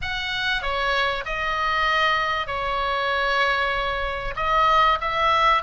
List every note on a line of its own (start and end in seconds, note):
0.01 0.62 F#5
0.62 1.24 C#5
1.25 2.47 D#5
2.47 4.34 C#5
4.36 4.98 D#5
5.01 5.62 E5